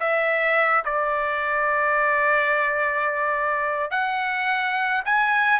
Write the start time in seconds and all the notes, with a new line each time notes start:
0.00 E5
0.85 D5
3.91 F#5
5.05 G#5